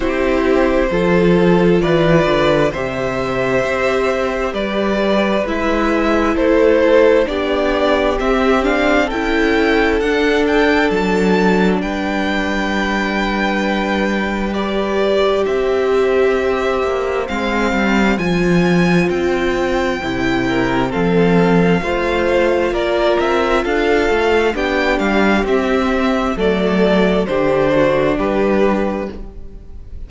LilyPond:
<<
  \new Staff \with { instrumentName = "violin" } { \time 4/4 \tempo 4 = 66 c''2 d''4 e''4~ | e''4 d''4 e''4 c''4 | d''4 e''8 f''8 g''4 fis''8 g''8 | a''4 g''2. |
d''4 e''2 f''4 | gis''4 g''2 f''4~ | f''4 d''8 e''8 f''4 g''8 f''8 | e''4 d''4 c''4 b'4 | }
  \new Staff \with { instrumentName = "violin" } { \time 4/4 g'4 a'4 b'4 c''4~ | c''4 b'2 a'4 | g'2 a'2~ | a'4 b'2.~ |
b'4 c''2.~ | c''2~ c''8 ais'8 a'4 | c''4 ais'4 a'4 g'4~ | g'4 a'4 g'8 fis'8 g'4 | }
  \new Staff \with { instrumentName = "viola" } { \time 4/4 e'4 f'2 g'4~ | g'2 e'2 | d'4 c'8 d'8 e'4 d'4~ | d'1 |
g'2. c'4 | f'2 e'4 c'4 | f'2. d'4 | c'4 a4 d'2 | }
  \new Staff \with { instrumentName = "cello" } { \time 4/4 c'4 f4 e8 d8 c4 | c'4 g4 gis4 a4 | b4 c'4 cis'4 d'4 | fis4 g2.~ |
g4 c'4. ais8 gis8 g8 | f4 c'4 c4 f4 | a4 ais8 c'8 d'8 a8 b8 g8 | c'4 fis4 d4 g4 | }
>>